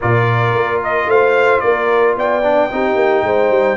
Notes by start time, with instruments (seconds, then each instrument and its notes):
0.00 tuba A#2, trombone F4, horn A#4, trumpet D5
0.54 tuba A#3
0.83 trumpet D#5
1.06 tuba A3, horn C5, trumpet F5
1.60 tuba A#3, horn A#4, trumpet D5
2.17 tuba B3, horn D5, trumpet G5
2.42 trombone D4
2.70 tuba C4, trombone D#4, horn G4
2.95 tuba A#3
3.23 tuba G#3, horn C5
3.49 tuba G3